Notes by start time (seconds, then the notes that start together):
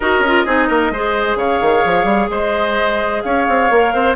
0.00 D#4 F#4 A#4 D#5
0.19 C#4
0.26 F4
0.45 C4 D#4 G#4
0.67 A#3 A#4
0.90 G#3 G#4 C5
1.35 C#3 C#5 F5
1.61 D#3
1.85 F3
2.04 G3
2.29 G#3 C5 D#5
3.22 C#4 C#5 F5
3.48 C4
3.70 A#3 A#4
3.93 C4 C5